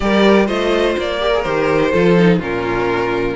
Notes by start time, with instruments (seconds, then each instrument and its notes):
0.00 cello G3, viola G4, violin A#4 D5
0.46 cello A3, viola F4, violin C5 D#5
0.98 cello A#3, violin D5
1.19 viola G4, violin A#4
1.33 viola G#4
1.42 cello D#3, viola G4, violin C5
1.91 cello F3, viola F4, violin A4
2.17 viola D#4
2.38 cello A#2, viola C#4, violin F4 A#4